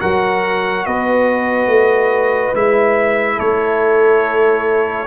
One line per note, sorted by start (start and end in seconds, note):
0.00 0.86 F#3
0.00 2.54 F#4
0.00 0.85 A#4
0.00 0.85 F#5
0.85 1.67 B3
0.85 3.37 B4
0.85 2.54 D#5
1.67 2.52 A3
2.54 3.39 G#3
2.54 5.07 E4
2.54 3.39 E5
3.37 5.07 A3
3.37 5.06 A4
3.37 5.07 C#5